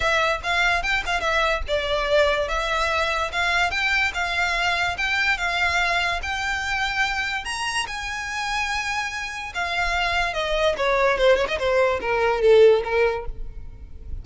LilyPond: \new Staff \with { instrumentName = "violin" } { \time 4/4 \tempo 4 = 145 e''4 f''4 g''8 f''8 e''4 | d''2 e''2 | f''4 g''4 f''2 | g''4 f''2 g''4~ |
g''2 ais''4 gis''4~ | gis''2. f''4~ | f''4 dis''4 cis''4 c''8 cis''16 dis''16 | c''4 ais'4 a'4 ais'4 | }